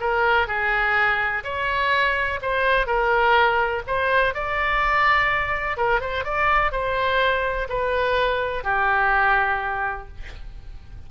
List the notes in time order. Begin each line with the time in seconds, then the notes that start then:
0.00 A#4
0.47 G#4
1.44 C#5
2.42 C5
2.86 A#4
3.87 C5
4.34 D5
5.77 A#4
6.00 C5
6.24 D5
6.72 C5
7.69 B4
8.63 G4